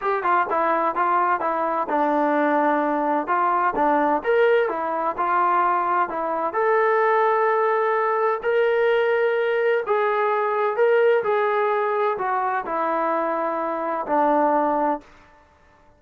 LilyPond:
\new Staff \with { instrumentName = "trombone" } { \time 4/4 \tempo 4 = 128 g'8 f'8 e'4 f'4 e'4 | d'2. f'4 | d'4 ais'4 e'4 f'4~ | f'4 e'4 a'2~ |
a'2 ais'2~ | ais'4 gis'2 ais'4 | gis'2 fis'4 e'4~ | e'2 d'2 | }